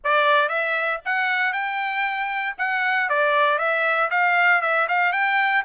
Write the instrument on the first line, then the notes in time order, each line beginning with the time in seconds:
trumpet
0.03 D5
0.48 E5
1.05 F#5
1.52 G5
2.58 F#5
3.09 D5
3.58 E5
4.10 F5
4.61 E5
4.88 F5
5.12 G5